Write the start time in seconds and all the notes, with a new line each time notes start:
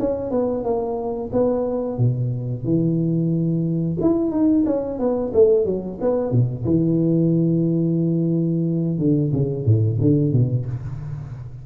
0.00 C#4
0.31 B3
0.64 A#3
1.33 B3
1.98 B2
2.65 E3
4.01 E4
4.32 D#4
4.66 C#4
4.99 B3
5.34 A3
5.66 F#3
6.01 B3
6.32 B2
6.65 E3
8.99 D3
9.33 C#3
9.66 A2
10.01 D3
10.33 B2